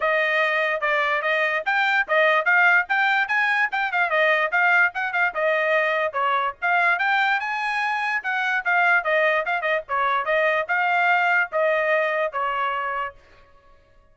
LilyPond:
\new Staff \with { instrumentName = "trumpet" } { \time 4/4 \tempo 4 = 146 dis''2 d''4 dis''4 | g''4 dis''4 f''4 g''4 | gis''4 g''8 f''8 dis''4 f''4 | fis''8 f''8 dis''2 cis''4 |
f''4 g''4 gis''2 | fis''4 f''4 dis''4 f''8 dis''8 | cis''4 dis''4 f''2 | dis''2 cis''2 | }